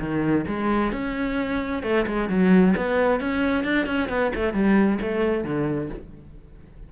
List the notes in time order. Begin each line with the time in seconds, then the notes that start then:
0.00 D#3
0.48 G#3
0.92 C#4
1.83 A3
2.07 G#3
2.29 F#3
2.77 B3
3.21 C#4
3.64 D4
3.86 C#4
4.09 B3
4.35 A3
4.54 G3
5.02 A3
5.44 D3